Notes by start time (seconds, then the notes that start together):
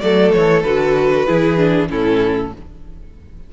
0.00 F#3 A3 A4 D5
0.33 E3 C#5
0.62 D3 F#4 B4
1.26 E3 E4 G#4
1.57 D4
1.88 A2 C#4 E4 A4